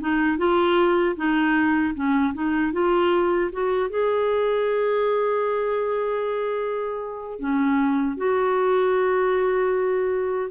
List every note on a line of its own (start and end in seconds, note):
0.00 0.38 D#4
0.38 1.15 F4
1.16 1.94 D#4
1.94 2.33 C#4
2.33 2.72 D#4
2.72 3.50 F4
3.52 3.90 F#4
3.90 7.39 G#4
7.39 8.16 C#4
8.16 10.50 F#4